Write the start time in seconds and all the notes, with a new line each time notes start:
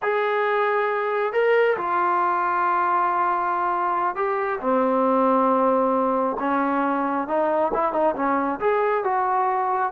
0.02 G#4
1.32 A#4
1.77 F4
4.15 G4
4.60 C4
6.39 C#4
7.27 D#4
7.73 E4
7.93 D#4
8.15 C#4
8.60 G#4
9.04 F#4